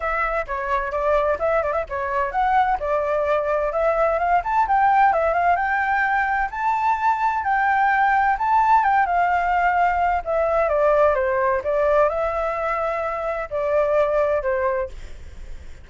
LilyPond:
\new Staff \with { instrumentName = "flute" } { \time 4/4 \tempo 4 = 129 e''4 cis''4 d''4 e''8 d''16 e''16 | cis''4 fis''4 d''2 | e''4 f''8 a''8 g''4 e''8 f''8 | g''2 a''2 |
g''2 a''4 g''8 f''8~ | f''2 e''4 d''4 | c''4 d''4 e''2~ | e''4 d''2 c''4 | }